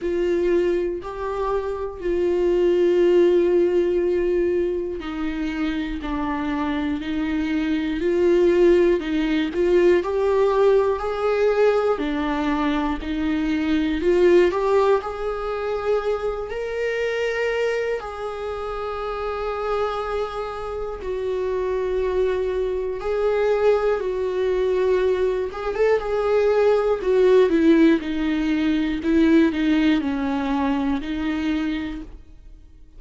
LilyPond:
\new Staff \with { instrumentName = "viola" } { \time 4/4 \tempo 4 = 60 f'4 g'4 f'2~ | f'4 dis'4 d'4 dis'4 | f'4 dis'8 f'8 g'4 gis'4 | d'4 dis'4 f'8 g'8 gis'4~ |
gis'8 ais'4. gis'2~ | gis'4 fis'2 gis'4 | fis'4. gis'16 a'16 gis'4 fis'8 e'8 | dis'4 e'8 dis'8 cis'4 dis'4 | }